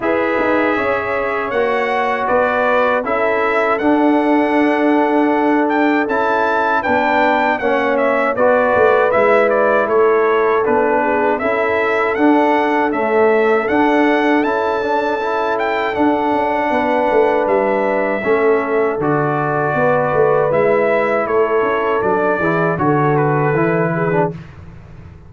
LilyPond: <<
  \new Staff \with { instrumentName = "trumpet" } { \time 4/4 \tempo 4 = 79 e''2 fis''4 d''4 | e''4 fis''2~ fis''8 g''8 | a''4 g''4 fis''8 e''8 d''4 | e''8 d''8 cis''4 b'4 e''4 |
fis''4 e''4 fis''4 a''4~ | a''8 g''8 fis''2 e''4~ | e''4 d''2 e''4 | cis''4 d''4 cis''8 b'4. | }
  \new Staff \with { instrumentName = "horn" } { \time 4/4 b'4 cis''2 b'4 | a'1~ | a'4 b'4 cis''4 b'4~ | b'4 a'4. gis'8 a'4~ |
a'1~ | a'2 b'2 | a'2 b'2 | a'4. gis'8 a'4. gis'8 | }
  \new Staff \with { instrumentName = "trombone" } { \time 4/4 gis'2 fis'2 | e'4 d'2. | e'4 d'4 cis'4 fis'4 | e'2 d'4 e'4 |
d'4 a4 d'4 e'8 d'8 | e'4 d'2. | cis'4 fis'2 e'4~ | e'4 d'8 e'8 fis'4 e'8. d'16 | }
  \new Staff \with { instrumentName = "tuba" } { \time 4/4 e'8 dis'8 cis'4 ais4 b4 | cis'4 d'2. | cis'4 b4 ais4 b8 a8 | gis4 a4 b4 cis'4 |
d'4 cis'4 d'4 cis'4~ | cis'4 d'8 cis'8 b8 a8 g4 | a4 d4 b8 a8 gis4 | a8 cis'8 fis8 e8 d4 e4 | }
>>